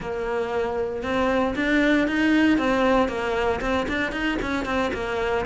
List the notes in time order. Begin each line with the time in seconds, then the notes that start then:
0.00 A#3
1.03 C4
1.55 D4
2.07 D#4
2.57 C4
3.08 A#3
3.61 C4
3.88 D4
4.12 D#4
4.42 C#4
4.65 C4
4.93 A#3